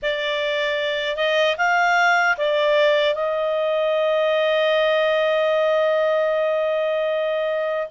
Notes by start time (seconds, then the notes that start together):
0.02 D5
1.16 D#5
1.57 F5
2.37 D5
3.14 D#5